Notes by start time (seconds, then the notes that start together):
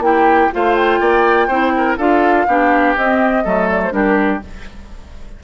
0.00 A#3 E4 G4 G5
0.52 A3 F4 C5 F5
0.75 G5
1.01 A#3 D5
1.48 C4 E4 C5
1.77 A#4
1.98 D4 F4 A4 F5
2.47 B3 D4 G4
2.97 C4 D#5
3.44 F#3 A3 A4
3.70 D5
3.84 C5
3.92 G3 D4 G4 A#4